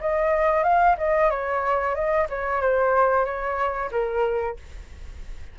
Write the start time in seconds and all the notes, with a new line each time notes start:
0.00 D#5
0.63 F5
0.97 D#5
1.30 C#5
1.94 D#5
2.29 C#5
2.61 C5
3.25 C#5
3.91 A#4